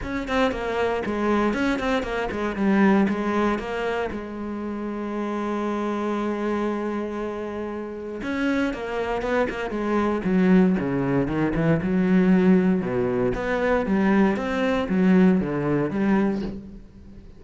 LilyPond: \new Staff \with { instrumentName = "cello" } { \time 4/4 \tempo 4 = 117 cis'8 c'8 ais4 gis4 cis'8 c'8 | ais8 gis8 g4 gis4 ais4 | gis1~ | gis1 |
cis'4 ais4 b8 ais8 gis4 | fis4 cis4 dis8 e8 fis4~ | fis4 b,4 b4 g4 | c'4 fis4 d4 g4 | }